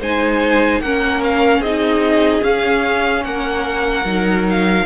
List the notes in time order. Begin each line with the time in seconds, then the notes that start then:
0.00 G#3 D#4 C5 G#5
0.80 A#3 C#4 A#4 F#5
1.23 F5
1.59 C4 D#4 G#4 D#5
2.42 C#4 F5
3.24 A#3 A#4 F#5
4.05 F#3 D#4
4.49 F5